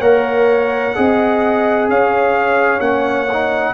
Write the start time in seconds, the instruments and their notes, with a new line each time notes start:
0.00 tuba A#3, trombone A#4, horn C#5, trumpet F#5
0.94 tuba C4, trombone G#4, horn D#5
1.89 tuba C#4, horn C#5, trumpet F5
2.80 tuba A#3, trombone C#4, trumpet F#5
3.32 trombone D#4